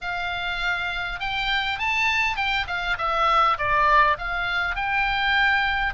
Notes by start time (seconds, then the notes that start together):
0.01 F5
1.20 G5
1.78 A5
2.36 G5
2.67 F5
2.98 E5
3.58 D5
4.18 F5
4.75 G5